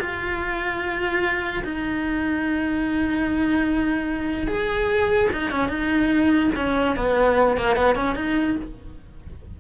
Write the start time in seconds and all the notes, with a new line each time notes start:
0.00 F4
1.64 D#4
4.47 G#4
5.33 D#4
5.51 C#4
5.69 D#4
6.55 C#4
6.96 B3
7.57 A#3
7.76 B3
7.95 C#4
8.15 D#4